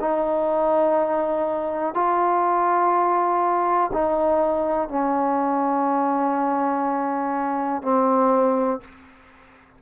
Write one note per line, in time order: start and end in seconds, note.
0.00 1.94 D#4
1.94 3.91 F4
3.93 4.89 D#4
4.89 7.82 C#4
7.82 8.81 C4